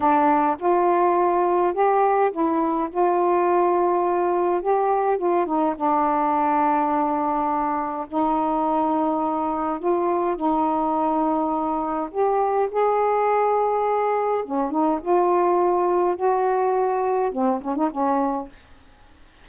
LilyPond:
\new Staff \with { instrumentName = "saxophone" } { \time 4/4 \tempo 4 = 104 d'4 f'2 g'4 | e'4 f'2. | g'4 f'8 dis'8 d'2~ | d'2 dis'2~ |
dis'4 f'4 dis'2~ | dis'4 g'4 gis'2~ | gis'4 cis'8 dis'8 f'2 | fis'2 c'8 cis'16 dis'16 cis'4 | }